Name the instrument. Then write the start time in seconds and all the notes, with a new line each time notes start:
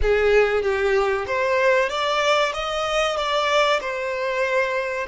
violin
0.02 G#4
0.62 G4
1.27 C5
1.89 D5
2.53 D#5
3.16 D5
3.80 C5